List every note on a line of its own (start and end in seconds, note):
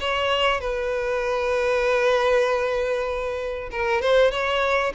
0.00 0.61 C#5
0.61 3.70 B4
3.71 4.02 A#4
4.02 4.31 C5
4.31 4.93 C#5